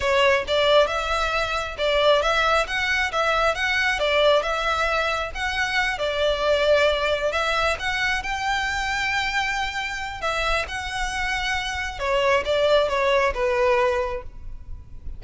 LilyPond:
\new Staff \with { instrumentName = "violin" } { \time 4/4 \tempo 4 = 135 cis''4 d''4 e''2 | d''4 e''4 fis''4 e''4 | fis''4 d''4 e''2 | fis''4. d''2~ d''8~ |
d''8 e''4 fis''4 g''4.~ | g''2. e''4 | fis''2. cis''4 | d''4 cis''4 b'2 | }